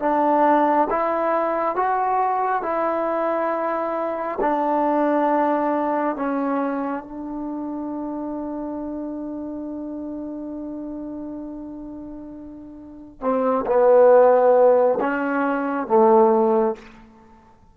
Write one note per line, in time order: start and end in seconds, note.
0.00 0.88 D4
0.91 1.76 E4
1.76 2.63 F#4
2.63 4.39 E4
4.41 6.16 D4
6.16 7.04 C#4
7.04 13.22 D4
13.22 13.66 C4
13.67 15.00 B3
15.01 15.88 C#4
15.88 16.76 A3